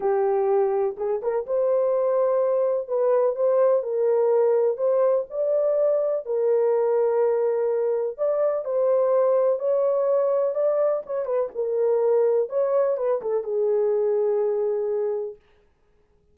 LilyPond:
\new Staff \with { instrumentName = "horn" } { \time 4/4 \tempo 4 = 125 g'2 gis'8 ais'8 c''4~ | c''2 b'4 c''4 | ais'2 c''4 d''4~ | d''4 ais'2.~ |
ais'4 d''4 c''2 | cis''2 d''4 cis''8 b'8 | ais'2 cis''4 b'8 a'8 | gis'1 | }